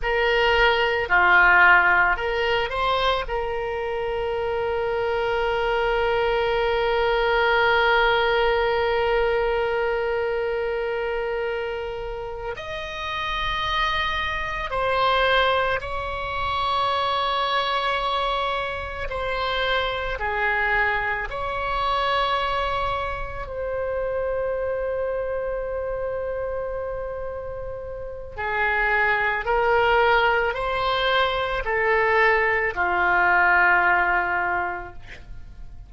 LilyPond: \new Staff \with { instrumentName = "oboe" } { \time 4/4 \tempo 4 = 55 ais'4 f'4 ais'8 c''8 ais'4~ | ais'1~ | ais'2.~ ais'8 dis''8~ | dis''4. c''4 cis''4.~ |
cis''4. c''4 gis'4 cis''8~ | cis''4. c''2~ c''8~ | c''2 gis'4 ais'4 | c''4 a'4 f'2 | }